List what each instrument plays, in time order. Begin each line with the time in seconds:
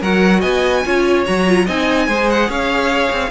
0.00 cello F#3, viola F#4, violin A#4 F#5
0.40 cello B3, violin D#5 G#5
0.85 cello C#4, viola F4, violin C#5
1.26 cello F#3, viola F#4, violin A#5
1.46 viola F4
1.65 cello C4, viola D#4, violin D#5 G#5
2.08 cello G#3, viola G#4, violin C5
2.30 violin F#5
2.49 cello C#4, violin C#5 F5
3.12 cello C4